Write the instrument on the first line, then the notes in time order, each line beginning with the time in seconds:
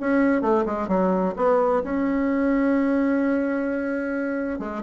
bassoon
0.00 C#4
0.41 A3
0.66 G#3
0.88 F#3
1.36 B3
1.83 C#4
4.59 G#3